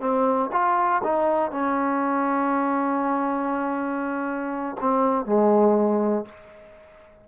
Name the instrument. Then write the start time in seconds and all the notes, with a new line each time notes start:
trombone
0.00 C4
0.52 F4
1.04 D#4
1.51 C#4
4.81 C4
5.26 G#3